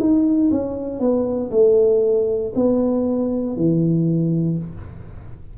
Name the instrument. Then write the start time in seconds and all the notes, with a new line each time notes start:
tuba
0.00 D#4
0.52 C#4
1.00 B3
1.52 A3
2.56 B3
3.57 E3